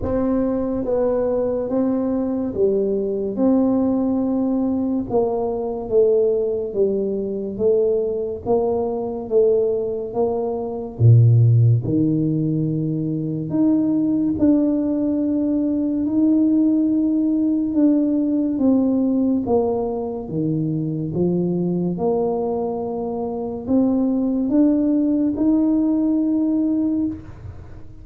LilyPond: \new Staff \with { instrumentName = "tuba" } { \time 4/4 \tempo 4 = 71 c'4 b4 c'4 g4 | c'2 ais4 a4 | g4 a4 ais4 a4 | ais4 ais,4 dis2 |
dis'4 d'2 dis'4~ | dis'4 d'4 c'4 ais4 | dis4 f4 ais2 | c'4 d'4 dis'2 | }